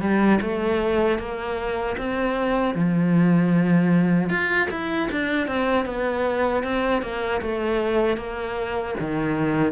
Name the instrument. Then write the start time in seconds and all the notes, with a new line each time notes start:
cello
0.00 G3
0.41 A3
1.18 A#3
1.97 C4
2.74 F3
4.29 F4
4.70 E4
5.11 D4
5.47 C4
5.85 B3
6.63 C4
7.02 A#3
7.41 A3
8.17 A#3
8.99 D#3